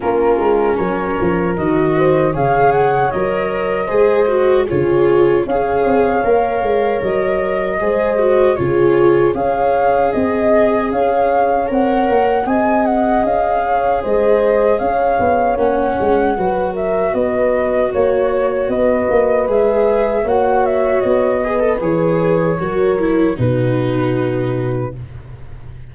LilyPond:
<<
  \new Staff \with { instrumentName = "flute" } { \time 4/4 \tempo 4 = 77 ais'4 cis''4 dis''4 f''8 fis''8 | dis''2 cis''4 f''4~ | f''4 dis''2 cis''4 | f''4 dis''4 f''4 fis''4 |
gis''8 fis''8 f''4 dis''4 f''4 | fis''4. e''8 dis''4 cis''4 | dis''4 e''4 fis''8 e''8 dis''4 | cis''2 b'2 | }
  \new Staff \with { instrumentName = "horn" } { \time 4/4 f'4 ais'4. c''8 cis''4~ | cis''4 c''4 gis'4 cis''4~ | cis''2 c''4 gis'4 | cis''4 dis''4 cis''2 |
dis''4. cis''8 c''4 cis''4~ | cis''4 b'8 ais'8 b'4 cis''4 | b'2 cis''4. b'8~ | b'4 ais'4 fis'2 | }
  \new Staff \with { instrumentName = "viola" } { \time 4/4 cis'2 fis'4 gis'4 | ais'4 gis'8 fis'8 f'4 gis'4 | ais'2 gis'8 fis'8 f'4 | gis'2. ais'4 |
gis'1 | cis'4 fis'2.~ | fis'4 gis'4 fis'4. gis'16 a'16 | gis'4 fis'8 e'8 dis'2 | }
  \new Staff \with { instrumentName = "tuba" } { \time 4/4 ais8 gis8 fis8 f8 dis4 cis4 | fis4 gis4 cis4 cis'8 c'8 | ais8 gis8 fis4 gis4 cis4 | cis'4 c'4 cis'4 c'8 ais8 |
c'4 cis'4 gis4 cis'8 b8 | ais8 gis8 fis4 b4 ais4 | b8 ais8 gis4 ais4 b4 | e4 fis4 b,2 | }
>>